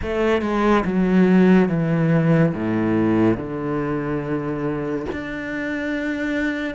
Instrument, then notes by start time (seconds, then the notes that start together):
cello
0.02 A3
0.41 G#3
0.85 F#3
1.68 E3
2.54 A2
3.36 D3
5.12 D4